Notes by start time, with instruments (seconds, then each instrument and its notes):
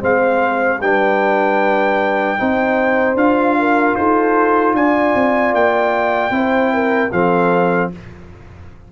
0.00 tuba G#3, trombone C4, horn C5, trumpet F5
0.80 tuba G3, trombone D4, horn B4, trumpet G5
2.37 tuba C4, trombone D#4, horn C5
3.15 tuba D4, trombone F4, trumpet F5
3.59 horn A#4
3.95 tuba D#4, horn A4, trumpet C5
4.74 tuba D4, horn D5, trumpet G#5
5.15 tuba C4
5.54 tuba A#3, trumpet G5
6.30 tuba C4, trombone E4, horn C5
6.73 horn A#4
7.12 tuba F3, trombone C4, horn A4, trumpet F5